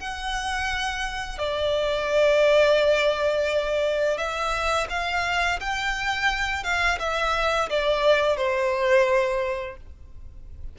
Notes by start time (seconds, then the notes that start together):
0.00 F#5
1.39 D5
4.18 E5
4.90 F5
5.60 G5
6.64 F5
7.00 E5
7.70 D5
8.38 C5